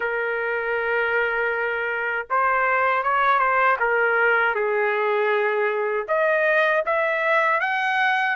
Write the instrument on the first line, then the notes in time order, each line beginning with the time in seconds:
trumpet
0.00 A#4
2.30 C5
3.03 C#5
3.39 C5
3.79 A#4
4.55 G#4
6.08 D#5
6.85 E5
7.60 F#5